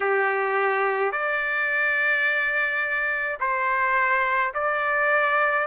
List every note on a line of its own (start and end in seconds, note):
0.00 1.12 G4
1.12 3.38 D5
3.40 4.53 C5
4.53 5.67 D5